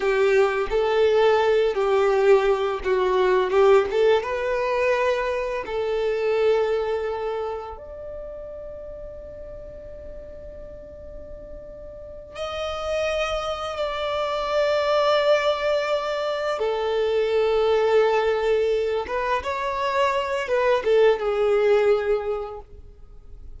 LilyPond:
\new Staff \with { instrumentName = "violin" } { \time 4/4 \tempo 4 = 85 g'4 a'4. g'4. | fis'4 g'8 a'8 b'2 | a'2. d''4~ | d''1~ |
d''4. dis''2 d''8~ | d''2.~ d''8 a'8~ | a'2. b'8 cis''8~ | cis''4 b'8 a'8 gis'2 | }